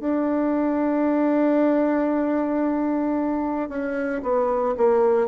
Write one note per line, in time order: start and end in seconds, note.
0.00 3.68 D4
3.69 4.22 C#4
4.22 4.75 B3
4.77 5.27 A#3